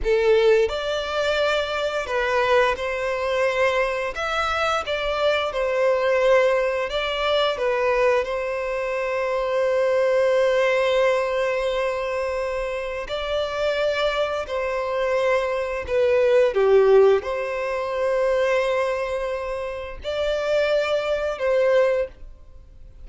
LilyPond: \new Staff \with { instrumentName = "violin" } { \time 4/4 \tempo 4 = 87 a'4 d''2 b'4 | c''2 e''4 d''4 | c''2 d''4 b'4 | c''1~ |
c''2. d''4~ | d''4 c''2 b'4 | g'4 c''2.~ | c''4 d''2 c''4 | }